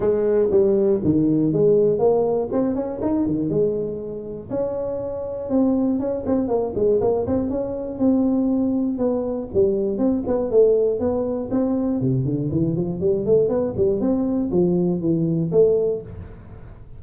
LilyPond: \new Staff \with { instrumentName = "tuba" } { \time 4/4 \tempo 4 = 120 gis4 g4 dis4 gis4 | ais4 c'8 cis'8 dis'8 dis8 gis4~ | gis4 cis'2 c'4 | cis'8 c'8 ais8 gis8 ais8 c'8 cis'4 |
c'2 b4 g4 | c'8 b8 a4 b4 c'4 | c8 d8 e8 f8 g8 a8 b8 g8 | c'4 f4 e4 a4 | }